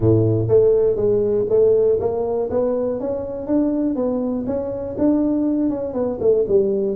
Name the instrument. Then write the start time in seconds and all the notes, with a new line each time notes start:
tuba
0.00 A2
0.48 A3
0.96 G#3
1.49 A3
2.00 A#3
2.50 B3
3.00 C#4
3.47 D4
3.95 B3
4.46 C#4
4.97 D4
5.69 C#4
5.93 B3
6.20 A3
6.48 G3